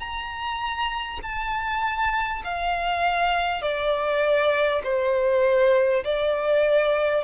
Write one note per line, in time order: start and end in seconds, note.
0.00 1.20 A#5
1.23 2.43 A5
2.45 3.62 F5
3.62 4.82 D5
4.84 6.04 C5
6.04 7.24 D5